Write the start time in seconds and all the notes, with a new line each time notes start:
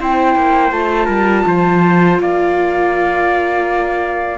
0.00 C4 E4 C5 G5
0.36 A#3
0.72 A3 F4 A5
1.06 G3 A#4
1.46 F3 C5
2.20 A#3 D5 F5